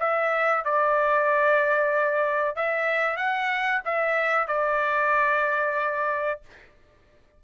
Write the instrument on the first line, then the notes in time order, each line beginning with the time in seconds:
trumpet
0.00 E5
0.65 D5
2.56 E5
3.17 F#5
3.85 E5
4.47 D5